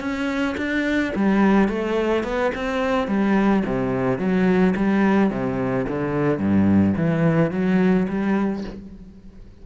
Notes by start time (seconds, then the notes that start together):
0.00 C#4
0.57 D4
1.15 G3
1.68 A3
2.23 B3
2.55 C4
3.07 G3
3.65 C3
4.18 F#3
4.76 G3
5.30 C3
5.88 D3
6.38 G2
6.96 E3
7.51 F#3
8.08 G3